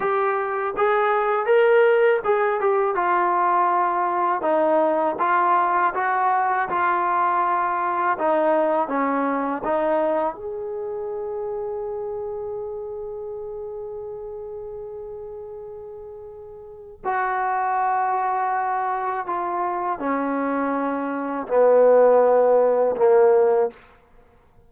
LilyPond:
\new Staff \with { instrumentName = "trombone" } { \time 4/4 \tempo 4 = 81 g'4 gis'4 ais'4 gis'8 g'8 | f'2 dis'4 f'4 | fis'4 f'2 dis'4 | cis'4 dis'4 gis'2~ |
gis'1~ | gis'2. fis'4~ | fis'2 f'4 cis'4~ | cis'4 b2 ais4 | }